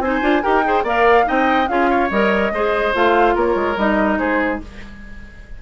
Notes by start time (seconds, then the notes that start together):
0.00 C4 D#4 C5 G#5
0.22 D4 F4
0.43 D#4 G4 A#4 G5
0.64 G#4 C5
0.84 A#3 A#4 D5 F5
1.25 C4 D#4 D#5 G5
1.68 C#4 F4 G#4 F5
1.90 C#5
2.11 G3 A#4 D#5
2.52 G#3 G#4 C5
2.94 A3 F4 F5
3.35 A#3 A#4 C#5
3.56 G#3
3.77 G3 D#4 D#5
4.19 G#3 G#4 C5